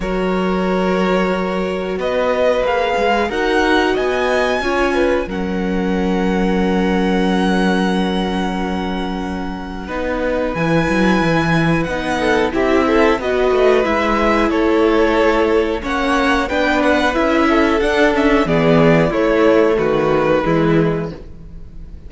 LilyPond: <<
  \new Staff \with { instrumentName = "violin" } { \time 4/4 \tempo 4 = 91 cis''2. dis''4 | f''4 fis''4 gis''2 | fis''1~ | fis''1 |
gis''2 fis''4 e''4 | dis''4 e''4 cis''2 | fis''4 g''8 fis''8 e''4 fis''8 e''8 | d''4 cis''4 b'2 | }
  \new Staff \with { instrumentName = "violin" } { \time 4/4 ais'2. b'4~ | b'4 ais'4 dis''4 cis''8 b'8 | ais'1~ | ais'2. b'4~ |
b'2~ b'8 a'8 g'8 a'8 | b'2 a'2 | cis''4 b'4. a'4. | gis'4 e'4 fis'4 e'4 | }
  \new Staff \with { instrumentName = "viola" } { \time 4/4 fis'1 | gis'4 fis'2 f'4 | cis'1~ | cis'2. dis'4 |
e'2 dis'4 e'4 | fis'4 e'2. | cis'4 d'4 e'4 d'8 cis'8 | b4 a2 gis4 | }
  \new Staff \with { instrumentName = "cello" } { \time 4/4 fis2. b4 | ais8 gis8 dis'4 b4 cis'4 | fis1~ | fis2. b4 |
e8 fis8 e4 b4 c'4 | b8 a8 gis4 a2 | ais4 b4 cis'4 d'4 | e4 a4 dis4 e4 | }
>>